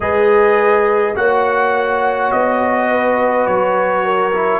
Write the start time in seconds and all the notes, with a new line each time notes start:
0.00 G#3 G#4 B4 D#5
1.15 A#3 F#4 C#5 F#5
2.31 B3 D#5
2.90 B4
3.46 F#3 C#5
4.05 A#4
4.33 E4